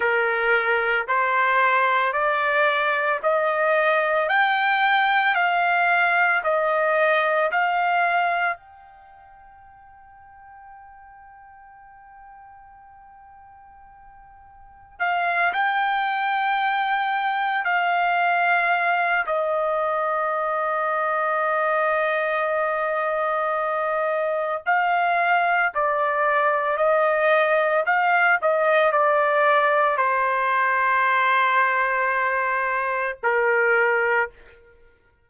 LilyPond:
\new Staff \with { instrumentName = "trumpet" } { \time 4/4 \tempo 4 = 56 ais'4 c''4 d''4 dis''4 | g''4 f''4 dis''4 f''4 | g''1~ | g''2 f''8 g''4.~ |
g''8 f''4. dis''2~ | dis''2. f''4 | d''4 dis''4 f''8 dis''8 d''4 | c''2. ais'4 | }